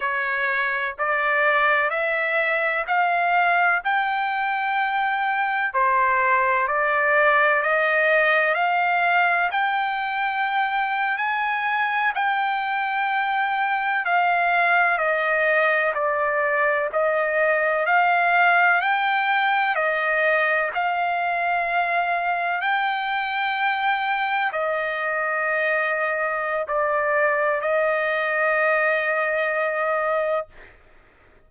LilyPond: \new Staff \with { instrumentName = "trumpet" } { \time 4/4 \tempo 4 = 63 cis''4 d''4 e''4 f''4 | g''2 c''4 d''4 | dis''4 f''4 g''4.~ g''16 gis''16~ | gis''8. g''2 f''4 dis''16~ |
dis''8. d''4 dis''4 f''4 g''16~ | g''8. dis''4 f''2 g''16~ | g''4.~ g''16 dis''2~ dis''16 | d''4 dis''2. | }